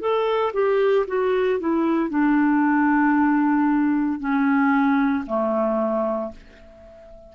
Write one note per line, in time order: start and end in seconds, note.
0.00 0.53 A4
0.54 1.06 G4
1.07 1.60 F#4
1.60 2.10 E4
2.10 4.20 D4
4.20 5.25 C#4
5.27 6.32 A3